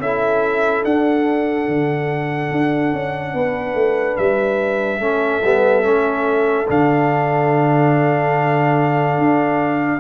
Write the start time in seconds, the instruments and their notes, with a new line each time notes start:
0.00 tuba C#4, trombone E4, horn A4, trumpet E5
0.85 tuba D4, trombone D4, trumpet F#5
1.69 tuba D3
2.52 tuba D4
2.94 tuba C#4
3.34 tuba B3, horn B4
3.75 tuba A3
4.17 tuba G3, trumpet E5
5.00 tuba A3, trombone C#4, horn A4
5.44 tuba G3, trombone B3
5.84 tuba A3, trombone C#4
6.68 tuba D3, trombone D4, trumpet F5
9.18 tuba D4